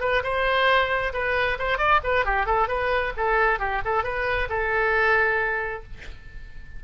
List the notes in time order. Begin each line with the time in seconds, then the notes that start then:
0.00 B4
0.23 C5
1.13 B4
1.59 C5
1.78 D5
2.04 B4
2.25 G4
2.46 A4
2.68 B4
3.16 A4
3.59 G4
3.84 A4
4.03 B4
4.49 A4